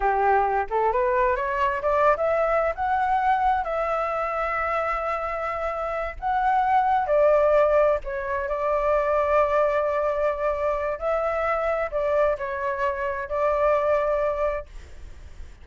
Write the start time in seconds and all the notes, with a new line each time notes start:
0.00 G4
0.70 A4
0.92 B4
1.35 C#5
1.82 D5
2.16 E5
2.75 F#5
3.63 E5
6.19 F#5
7.06 D5
8.04 C#5
8.48 D5
10.98 E5
11.91 D5
12.37 C#5
13.28 D5